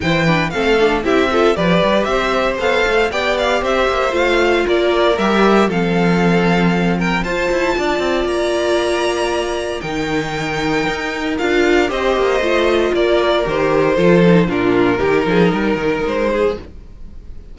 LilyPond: <<
  \new Staff \with { instrumentName = "violin" } { \time 4/4 \tempo 4 = 116 g''4 f''4 e''4 d''4 | e''4 f''4 g''8 f''8 e''4 | f''4 d''4 e''4 f''4~ | f''4. g''8 a''2 |
ais''2. g''4~ | g''2 f''4 dis''4~ | dis''4 d''4 c''2 | ais'2. c''4 | }
  \new Staff \with { instrumentName = "violin" } { \time 4/4 c''8 b'8 a'4 g'8 a'8 b'4 | c''2 d''4 c''4~ | c''4 ais'2 a'4~ | a'4. ais'8 c''4 d''4~ |
d''2. ais'4~ | ais'2. c''4~ | c''4 ais'2 a'4 | f'4 g'8 gis'8 ais'4. gis'8 | }
  \new Staff \with { instrumentName = "viola" } { \time 4/4 e'8 d'8 c'8 d'8 e'8 f'8 g'4~ | g'4 a'4 g'2 | f'2 g'4 c'4~ | c'2 f'2~ |
f'2. dis'4~ | dis'2 f'4 g'4 | f'2 g'4 f'8 dis'8 | d'4 dis'2. | }
  \new Staff \with { instrumentName = "cello" } { \time 4/4 e4 a4 c'4 f8 g8 | c'4 b8 a8 b4 c'8 ais8 | a4 ais4 g4 f4~ | f2 f'8 e'8 d'8 c'8 |
ais2. dis4~ | dis4 dis'4 d'4 c'8 ais8 | a4 ais4 dis4 f4 | ais,4 dis8 f8 g8 dis8 gis4 | }
>>